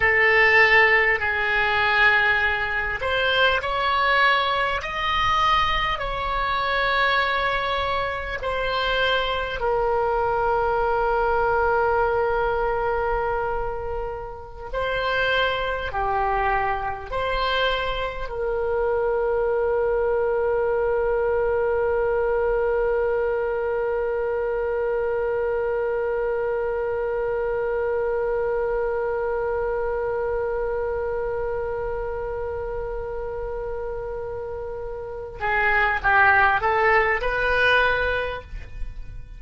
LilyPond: \new Staff \with { instrumentName = "oboe" } { \time 4/4 \tempo 4 = 50 a'4 gis'4. c''8 cis''4 | dis''4 cis''2 c''4 | ais'1~ | ais'16 c''4 g'4 c''4 ais'8.~ |
ais'1~ | ais'1~ | ais'1~ | ais'4. gis'8 g'8 a'8 b'4 | }